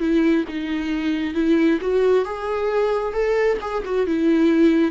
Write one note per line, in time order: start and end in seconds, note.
0.00 0.45 E4
0.48 1.34 D#4
1.34 1.79 E4
1.81 2.25 F#4
2.25 3.13 G#4
3.13 3.58 A4
3.61 3.83 G#4
3.85 4.07 F#4
4.07 4.91 E4